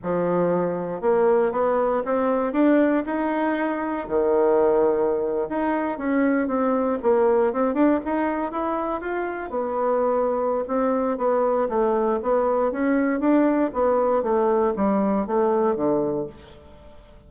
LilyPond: \new Staff \with { instrumentName = "bassoon" } { \time 4/4 \tempo 4 = 118 f2 ais4 b4 | c'4 d'4 dis'2 | dis2~ dis8. dis'4 cis'16~ | cis'8. c'4 ais4 c'8 d'8 dis'16~ |
dis'8. e'4 f'4 b4~ b16~ | b4 c'4 b4 a4 | b4 cis'4 d'4 b4 | a4 g4 a4 d4 | }